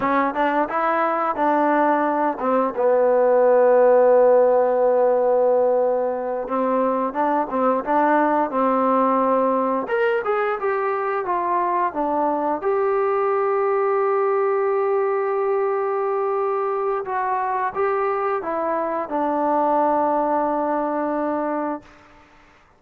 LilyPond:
\new Staff \with { instrumentName = "trombone" } { \time 4/4 \tempo 4 = 88 cis'8 d'8 e'4 d'4. c'8 | b1~ | b4. c'4 d'8 c'8 d'8~ | d'8 c'2 ais'8 gis'8 g'8~ |
g'8 f'4 d'4 g'4.~ | g'1~ | g'4 fis'4 g'4 e'4 | d'1 | }